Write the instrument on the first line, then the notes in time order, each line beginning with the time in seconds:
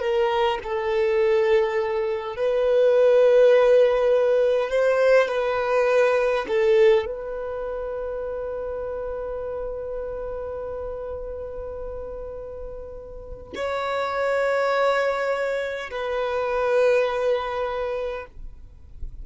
violin
0.00 A#4
0.64 A4
2.36 B4
4.70 C5
5.28 B4
6.48 A4
7.06 B4
13.55 C#5
15.90 B4